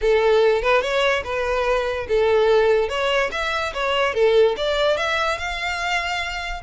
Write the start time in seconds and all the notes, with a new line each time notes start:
0.01 A4
0.62 B4
0.81 C#5
1.24 B4
2.08 A4
2.89 C#5
3.31 E5
3.73 C#5
4.14 A4
4.56 D5
4.97 E5
5.38 F5